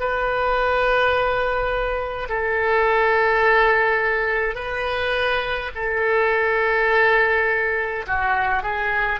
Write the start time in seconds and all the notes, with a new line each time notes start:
0.00 B4
2.29 A4
4.55 B4
5.75 A4
8.07 F#4
8.63 G#4